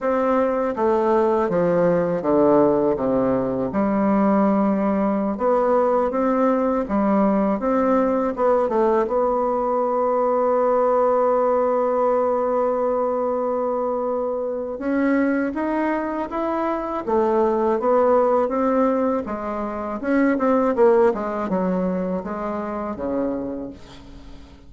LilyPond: \new Staff \with { instrumentName = "bassoon" } { \time 4/4 \tempo 4 = 81 c'4 a4 f4 d4 | c4 g2~ g16 b8.~ | b16 c'4 g4 c'4 b8 a16~ | a16 b2.~ b8.~ |
b1 | cis'4 dis'4 e'4 a4 | b4 c'4 gis4 cis'8 c'8 | ais8 gis8 fis4 gis4 cis4 | }